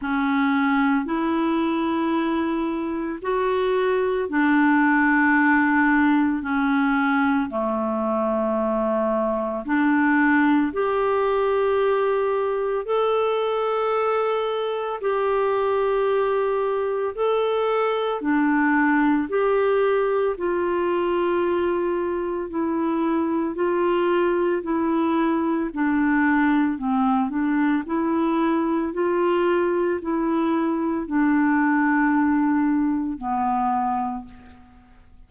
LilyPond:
\new Staff \with { instrumentName = "clarinet" } { \time 4/4 \tempo 4 = 56 cis'4 e'2 fis'4 | d'2 cis'4 a4~ | a4 d'4 g'2 | a'2 g'2 |
a'4 d'4 g'4 f'4~ | f'4 e'4 f'4 e'4 | d'4 c'8 d'8 e'4 f'4 | e'4 d'2 b4 | }